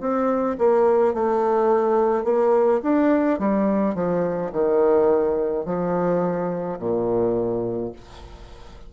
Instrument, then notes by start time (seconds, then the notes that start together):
bassoon
0.00 C4
0.58 A#3
1.14 A3
2.24 A#3
2.83 D4
3.39 G3
3.95 F3
4.52 D#3
5.66 F3
6.79 A#2